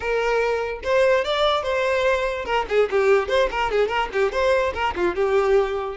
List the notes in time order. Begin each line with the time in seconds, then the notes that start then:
0.00 A#4
0.83 C5
1.24 D5
1.62 C5
2.45 A#4
2.68 G#4
2.90 G4
3.28 C5
3.50 A#4
3.71 G#4
3.88 A#4
4.12 G4
4.32 C5
4.74 A#4
4.95 F4
5.15 G4